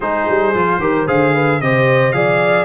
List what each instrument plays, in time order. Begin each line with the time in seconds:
0.00 tuba G#3, trombone D#4, horn G#4, trumpet C5
0.28 tuba G3
0.54 tuba F3, trombone F4
0.78 tuba D#3, trombone G4, horn A#4
1.06 tuba D3, trombone G#4, horn C5, trumpet F5
1.34 horn B4
1.60 tuba C3, trombone G4, horn C5, trumpet D#5
2.12 tuba F3, trombone G#4, horn D5, trumpet F5